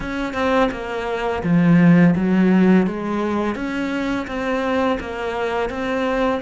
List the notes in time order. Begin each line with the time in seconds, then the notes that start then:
0.00 C#4
0.33 C4
0.71 A#3
1.43 F3
2.15 F#3
2.86 G#3
3.55 C#4
4.27 C4
5.00 A#3
5.69 C4